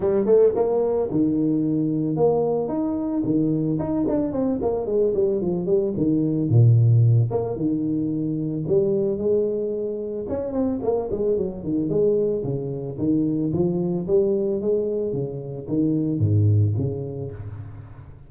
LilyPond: \new Staff \with { instrumentName = "tuba" } { \time 4/4 \tempo 4 = 111 g8 a8 ais4 dis2 | ais4 dis'4 dis4 dis'8 d'8 | c'8 ais8 gis8 g8 f8 g8 dis4 | ais,4. ais8 dis2 |
g4 gis2 cis'8 c'8 | ais8 gis8 fis8 dis8 gis4 cis4 | dis4 f4 g4 gis4 | cis4 dis4 gis,4 cis4 | }